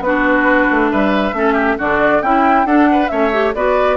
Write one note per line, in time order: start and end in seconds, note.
0.00 0.66 B3
0.00 1.34 D4
0.00 0.91 F#4
0.00 0.91 B4
0.71 0.93 A3
0.91 1.33 G3
0.91 1.35 B4
0.91 1.79 E5
1.33 1.77 A3
1.33 1.78 C#4
1.33 1.53 A4
1.53 1.75 G4
1.78 2.22 D3
1.78 2.22 D4
1.78 2.22 F#4
1.78 2.22 D5
2.22 2.65 C#4
2.22 2.66 E4
2.22 2.67 E4
2.22 2.67 G5
2.65 3.09 D4
2.65 2.88 A4
2.65 3.08 F#5
2.91 3.11 B4
3.08 3.55 A3
3.08 3.31 C#4
3.08 3.55 C#5
3.08 3.52 E5
3.33 3.55 G4
3.55 3.96 B3
3.55 3.96 F#4
3.55 3.96 B4
3.55 3.96 D5